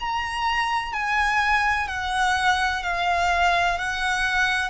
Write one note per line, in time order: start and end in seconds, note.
0.00 0.93 A#5
0.93 1.88 G#5
1.88 2.83 F#5
2.83 3.78 F5
3.78 4.70 F#5